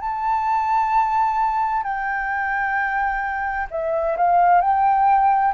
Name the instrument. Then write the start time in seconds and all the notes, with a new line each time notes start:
flute
0.00 A5
1.83 G5
3.70 E5
4.17 F5
4.61 G5